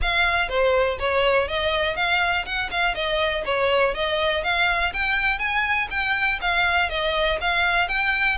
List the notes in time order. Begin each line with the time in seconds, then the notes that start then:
0.01 F5
0.49 C5
0.99 C#5
1.48 D#5
1.95 F5
2.45 F#5
2.70 F5
2.94 D#5
3.45 C#5
3.94 D#5
4.43 F5
4.93 G5
5.39 G#5
5.90 G5
6.41 F5
6.89 D#5
7.40 F5
7.88 G5